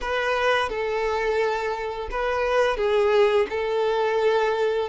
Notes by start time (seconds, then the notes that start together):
0.01 B4
0.69 A4
2.11 B4
2.77 G#4
3.49 A4